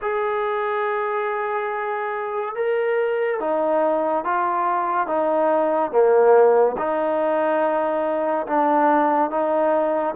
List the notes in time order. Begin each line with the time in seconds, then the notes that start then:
0.01 G#4
2.55 A#4
3.40 D#4
4.24 F4
5.07 D#4
5.91 A#3
6.77 D#4
8.46 D4
9.30 D#4